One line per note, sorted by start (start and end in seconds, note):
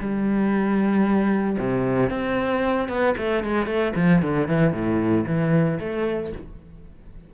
0.00 1.58 G3
1.59 2.10 C3
2.10 2.89 C4
2.89 3.15 B3
3.18 3.44 A3
3.44 3.67 G#3
3.67 3.93 A3
3.96 4.22 F3
4.22 4.48 D3
4.48 4.73 E3
4.73 5.25 A2
5.27 5.79 E3
5.80 6.33 A3